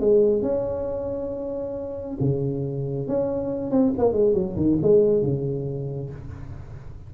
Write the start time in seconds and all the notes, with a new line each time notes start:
0.00 G#3
0.42 C#4
2.20 C#3
3.08 C#4
3.71 C4
3.98 A#3
4.13 G#3
4.34 F#3
4.56 D#3
4.82 G#3
5.22 C#3